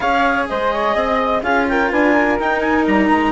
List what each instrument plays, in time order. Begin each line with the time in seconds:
0.00 bassoon C#4, cello G#4, flute C#5, clarinet F5
0.49 bassoon G#3, flute C5, clarinet D#5
0.73 flute C#5
0.93 bassoon C4, flute D#5
1.42 bassoon C#4, cello F4, flute G#4, clarinet F5
1.68 flute A#4, clarinet G5
1.90 bassoon D4, flute B4, clarinet G#5
2.12 flute A#4
2.39 cello D#4, bassoon D#4, clarinet G5
2.60 clarinet G#5
2.86 bassoon G3, clarinet A#5
3.09 bassoon G#3